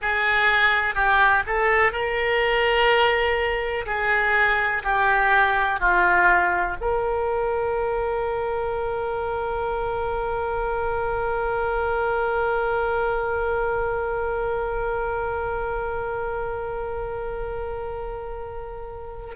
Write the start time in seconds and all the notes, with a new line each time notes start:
0.01 G#4
0.95 G4
1.46 A4
1.92 A#4
3.85 G#4
4.83 G4
5.80 F4
6.80 A#4